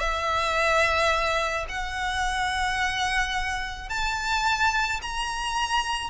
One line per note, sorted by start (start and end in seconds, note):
0.00 1.67 E5
1.69 3.90 F#5
3.90 5.01 A5
5.02 6.11 A#5